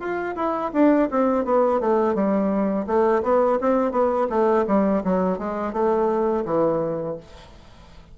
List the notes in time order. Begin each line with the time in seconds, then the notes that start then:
0.00 F4
0.36 E4
0.74 D4
1.11 C4
1.45 B3
1.81 A3
2.15 G3
2.87 A3
3.23 B3
3.61 C4
3.92 B3
4.30 A3
4.68 G3
5.05 F#3
5.39 G#3
5.73 A3
6.46 E3